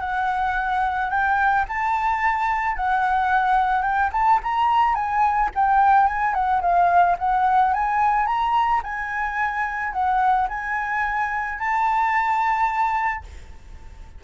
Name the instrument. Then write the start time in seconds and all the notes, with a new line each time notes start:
flute
0.00 F#5
1.10 G5
1.68 A5
2.76 F#5
3.82 G5
4.12 A5
4.43 A#5
4.94 G#5
5.55 G5
6.07 G#5
6.34 F#5
6.62 F5
7.19 F#5
7.73 G#5
8.26 A#5
8.83 G#5
9.93 F#5
10.49 G#5
11.58 A5